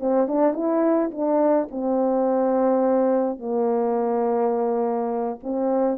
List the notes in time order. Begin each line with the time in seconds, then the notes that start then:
0.00 C4
0.28 D4
0.54 E4
1.11 D4
1.71 C4
3.39 A#3
5.43 C4